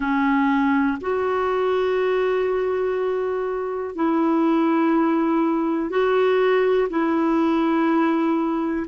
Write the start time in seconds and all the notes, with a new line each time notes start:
0.00 C#4
1.00 F#4
3.95 E4
5.90 F#4
6.89 E4